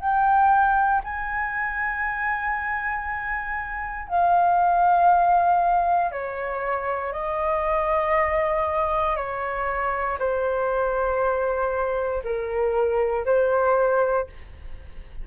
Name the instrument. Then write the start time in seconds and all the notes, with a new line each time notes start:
flute
0.00 G5
1.04 G#5
4.08 F5
6.11 C#5
7.13 D#5
9.16 C#5
10.19 C5
12.24 A#4
13.25 C5